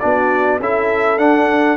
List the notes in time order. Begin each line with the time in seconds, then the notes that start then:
0.00 B3 D4 F#4 D5
0.59 C#4 E4 A4 E5
1.18 D4 F#5